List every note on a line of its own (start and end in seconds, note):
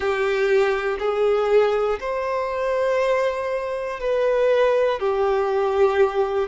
0.00 0.97 G4
0.99 1.99 G#4
2.00 4.00 C5
4.00 5.00 B4
5.00 6.47 G4